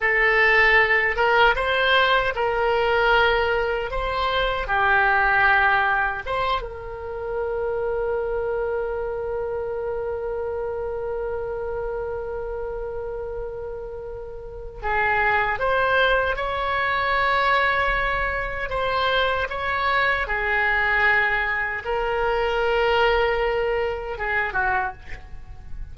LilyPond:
\new Staff \with { instrumentName = "oboe" } { \time 4/4 \tempo 4 = 77 a'4. ais'8 c''4 ais'4~ | ais'4 c''4 g'2 | c''8 ais'2.~ ais'8~ | ais'1~ |
ais'2. gis'4 | c''4 cis''2. | c''4 cis''4 gis'2 | ais'2. gis'8 fis'8 | }